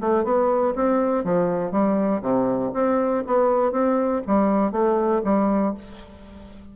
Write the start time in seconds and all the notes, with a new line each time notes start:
0.00 A3
0.24 B3
0.75 C4
1.24 F3
1.71 G3
2.21 C3
2.73 C4
3.26 B3
3.72 C4
4.27 G3
4.71 A3
5.24 G3